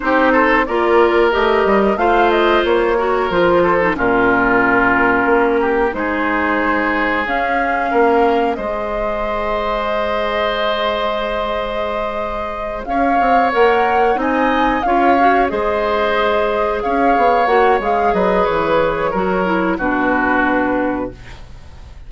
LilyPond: <<
  \new Staff \with { instrumentName = "flute" } { \time 4/4 \tempo 4 = 91 c''4 d''4 dis''4 f''8 dis''8 | cis''4 c''4 ais'2~ | ais'4 c''2 f''4~ | f''4 dis''2.~ |
dis''2.~ dis''8 f''8~ | f''8 fis''4 gis''4 f''4 dis''8~ | dis''4. f''4 fis''8 f''8 dis''8 | cis''2 b'2 | }
  \new Staff \with { instrumentName = "oboe" } { \time 4/4 g'8 a'8 ais'2 c''4~ | c''8 ais'4 a'8 f'2~ | f'8 g'8 gis'2. | ais'4 c''2.~ |
c''2.~ c''8 cis''8~ | cis''4. dis''4 cis''4 c''8~ | c''4. cis''2 b'8~ | b'4 ais'4 fis'2 | }
  \new Staff \with { instrumentName = "clarinet" } { \time 4/4 dis'4 f'4 g'4 f'4~ | f'8 fis'8 f'8. dis'16 cis'2~ | cis'4 dis'2 cis'4~ | cis'4 gis'2.~ |
gis'1~ | gis'8 ais'4 dis'4 f'8 fis'8 gis'8~ | gis'2~ gis'8 fis'8 gis'4~ | gis'4 fis'8 e'8 d'2 | }
  \new Staff \with { instrumentName = "bassoon" } { \time 4/4 c'4 ais4 a8 g8 a4 | ais4 f4 ais,2 | ais4 gis2 cis'4 | ais4 gis2.~ |
gis2.~ gis8 cis'8 | c'8 ais4 c'4 cis'4 gis8~ | gis4. cis'8 b8 ais8 gis8 fis8 | e4 fis4 b,2 | }
>>